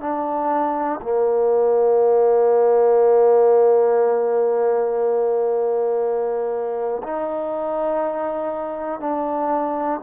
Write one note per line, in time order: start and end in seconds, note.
0.00 1.00 D4
1.02 7.02 A#3
7.03 9.00 D#4
9.00 10.00 D4